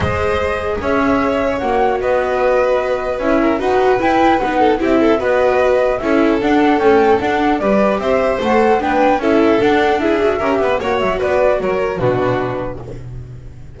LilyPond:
<<
  \new Staff \with { instrumentName = "flute" } { \time 4/4 \tempo 4 = 150 dis''2 e''2 | fis''4 dis''2. | e''4 fis''4 g''4 fis''4 | e''4 dis''2 e''4 |
fis''4 g''4 fis''4 d''4 | e''4 fis''4 g''4 e''4 | fis''4 e''2 fis''8 e''8 | d''4 cis''4 b'2 | }
  \new Staff \with { instrumentName = "violin" } { \time 4/4 c''2 cis''2~ | cis''4 b'2.~ | b'8 ais'8 b'2~ b'8 a'8 | g'8 a'8 b'2 a'4~ |
a'2. b'4 | c''2 b'4 a'4~ | a'4 gis'4 ais'8 b'8 cis''4 | b'4 ais'4 fis'2 | }
  \new Staff \with { instrumentName = "viola" } { \time 4/4 gis'1 | fis'1 | e'4 fis'4 e'4 dis'4 | e'4 fis'2 e'4 |
d'4 a4 d'4 g'4~ | g'4 a'4 d'4 e'4 | d'4 e'8 fis'8 g'4 fis'4~ | fis'2 d'2 | }
  \new Staff \with { instrumentName = "double bass" } { \time 4/4 gis2 cis'2 | ais4 b2. | cis'4 dis'4 e'4 b4 | c'4 b2 cis'4 |
d'4 cis'4 d'4 g4 | c'4 a4 b4 cis'4 | d'2 cis'8 b8 ais8 fis8 | b4 fis4 b,2 | }
>>